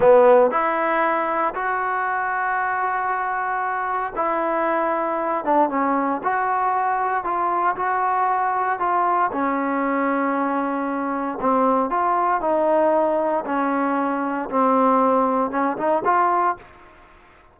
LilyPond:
\new Staff \with { instrumentName = "trombone" } { \time 4/4 \tempo 4 = 116 b4 e'2 fis'4~ | fis'1 | e'2~ e'8 d'8 cis'4 | fis'2 f'4 fis'4~ |
fis'4 f'4 cis'2~ | cis'2 c'4 f'4 | dis'2 cis'2 | c'2 cis'8 dis'8 f'4 | }